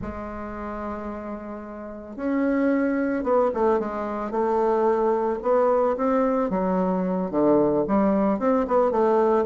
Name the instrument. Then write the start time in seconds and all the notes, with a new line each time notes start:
bassoon
0.01 G#3
2.16 C#4
3.23 B3
3.54 A3
3.79 G#3
4.31 A3
5.42 B3
5.97 C4
6.49 F#3
7.30 D3
7.87 G3
8.39 C4
8.67 B3
8.91 A3